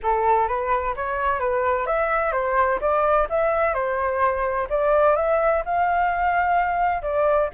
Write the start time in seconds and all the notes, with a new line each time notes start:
0.02 A4
0.48 B4
0.96 C#5
1.39 B4
1.86 E5
2.32 C5
2.80 D5
3.29 E5
3.74 C5
4.69 D5
5.15 E5
5.65 F5
7.02 D5